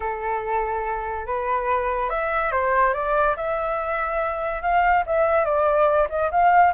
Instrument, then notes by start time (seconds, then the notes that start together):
flute
0.00 A4
1.26 B4
2.09 E5
2.51 C5
2.93 D5
3.36 E5
4.62 F5
5.06 E5
5.44 D5
6.09 D#5
6.31 F5